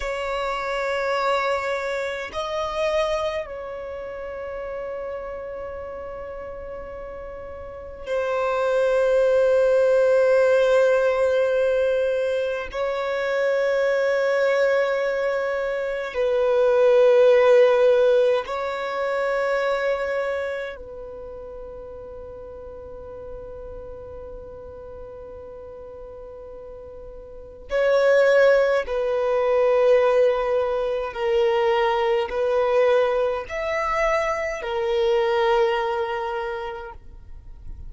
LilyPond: \new Staff \with { instrumentName = "violin" } { \time 4/4 \tempo 4 = 52 cis''2 dis''4 cis''4~ | cis''2. c''4~ | c''2. cis''4~ | cis''2 b'2 |
cis''2 b'2~ | b'1 | cis''4 b'2 ais'4 | b'4 e''4 ais'2 | }